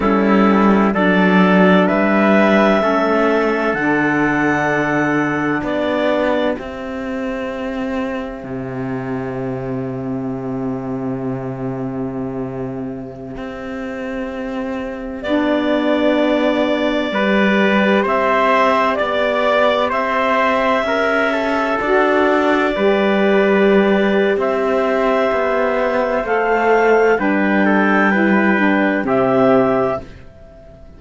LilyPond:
<<
  \new Staff \with { instrumentName = "clarinet" } { \time 4/4 \tempo 4 = 64 a'4 d''4 e''2 | fis''2 d''4 e''4~ | e''1~ | e''1~ |
e''16 d''2. e''8.~ | e''16 d''4 e''2 d''8.~ | d''2 e''2 | f''4 g''2 e''4 | }
  \new Staff \with { instrumentName = "trumpet" } { \time 4/4 e'4 a'4 b'4 a'4~ | a'2 g'2~ | g'1~ | g'1~ |
g'2~ g'16 b'4 c''8.~ | c''16 d''4 c''4 ais'8 a'4~ a'16~ | a'16 b'4.~ b'16 c''2~ | c''4 b'8 a'8 b'4 g'4 | }
  \new Staff \with { instrumentName = "saxophone" } { \time 4/4 cis'4 d'2 cis'4 | d'2. c'4~ | c'1~ | c'1~ |
c'16 d'2 g'4.~ g'16~ | g'2.~ g'16 fis'8.~ | fis'16 g'2.~ g'8. | a'4 d'4 e'8 d'8 c'4 | }
  \new Staff \with { instrumentName = "cello" } { \time 4/4 g4 fis4 g4 a4 | d2 b4 c'4~ | c'4 c2.~ | c2~ c16 c'4.~ c'16~ |
c'16 b2 g4 c'8.~ | c'16 b4 c'4 cis'4 d'8.~ | d'16 g4.~ g16 c'4 b4 | a4 g2 c4 | }
>>